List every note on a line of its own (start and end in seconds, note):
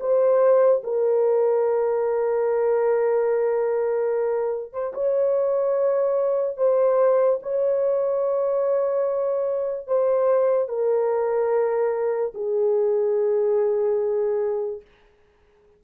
0.00 0.82 C5
0.84 4.73 A#4
4.73 4.94 C5
4.94 6.57 C#5
6.57 7.39 C5
7.43 9.87 C#5
9.87 10.68 C5
10.68 12.33 A#4
12.34 14.81 G#4